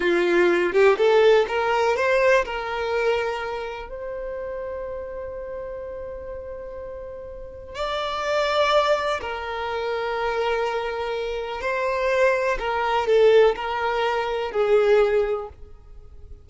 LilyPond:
\new Staff \with { instrumentName = "violin" } { \time 4/4 \tempo 4 = 124 f'4. g'8 a'4 ais'4 | c''4 ais'2. | c''1~ | c''1 |
d''2. ais'4~ | ais'1 | c''2 ais'4 a'4 | ais'2 gis'2 | }